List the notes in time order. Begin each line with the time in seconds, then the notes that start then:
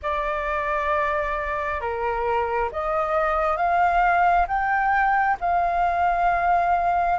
0.02 D5
1.80 A#4
2.72 D#5
3.56 F5
4.47 G5
5.40 F5